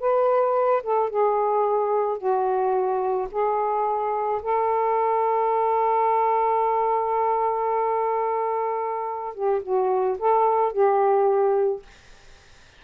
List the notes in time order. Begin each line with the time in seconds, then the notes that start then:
0.00 B4
0.83 A4
1.10 G#4
2.18 F#4
3.32 G#4
4.42 A4
9.35 G4
9.62 F#4
10.19 A4
10.73 G4